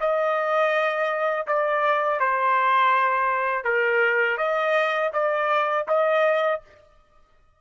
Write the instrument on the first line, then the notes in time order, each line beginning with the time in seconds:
trumpet
0.00 D#5
1.47 D5
2.20 C5
3.65 A#4
4.37 D#5
5.13 D5
5.88 D#5